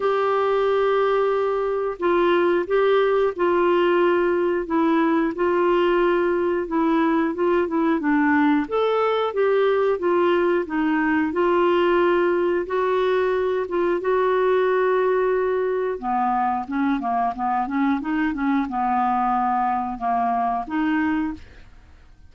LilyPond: \new Staff \with { instrumentName = "clarinet" } { \time 4/4 \tempo 4 = 90 g'2. f'4 | g'4 f'2 e'4 | f'2 e'4 f'8 e'8 | d'4 a'4 g'4 f'4 |
dis'4 f'2 fis'4~ | fis'8 f'8 fis'2. | b4 cis'8 ais8 b8 cis'8 dis'8 cis'8 | b2 ais4 dis'4 | }